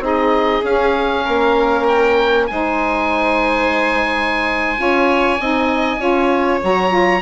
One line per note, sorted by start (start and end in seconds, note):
0.00 0.61 C4
0.00 0.62 D#4
0.00 1.25 G#4
0.06 0.65 D#5
0.64 1.25 C#4
0.64 2.50 C#4
0.64 1.88 F5
1.25 2.51 A#3
1.25 2.47 A#4
1.88 2.47 G5
2.47 4.79 G#3
2.47 4.77 D#4
2.47 4.81 C5
2.47 6.61 G#5
4.77 5.40 C#4
4.77 5.38 F4
4.77 5.41 C#5
5.40 5.98 C4
5.40 5.99 D#4
5.40 6.00 D#5
5.98 6.59 C#4
5.98 6.60 F4
5.98 7.22 C#5
6.62 7.22 F#3
6.62 6.90 F#4
6.62 7.22 A#5
6.90 7.20 F4